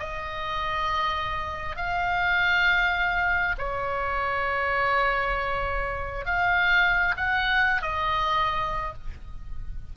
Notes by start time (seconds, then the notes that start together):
0.00 D#5
1.77 F5
3.59 C#5
6.26 F5
7.17 F#5
7.82 D#5